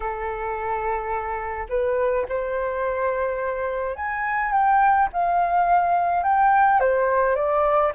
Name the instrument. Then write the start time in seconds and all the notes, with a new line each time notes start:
flute
0.00 A4
1.69 B4
2.28 C5
3.95 G#5
4.52 G5
5.12 F5
6.23 G5
6.80 C5
7.35 D5